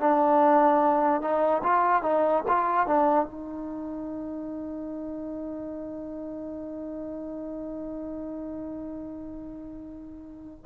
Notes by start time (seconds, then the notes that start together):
0.00 D4
1.21 D#4
1.64 F4
2.03 D#4
2.48 F4
2.87 D4
3.25 D#4